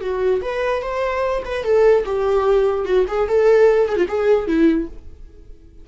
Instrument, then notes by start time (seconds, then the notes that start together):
viola
0.00 F#4
0.41 B4
0.82 C5
1.45 B4
1.64 A4
2.05 G4
2.85 F#4
3.08 G#4
3.28 A4
3.88 G#4
3.96 F4
4.08 G#4
4.47 E4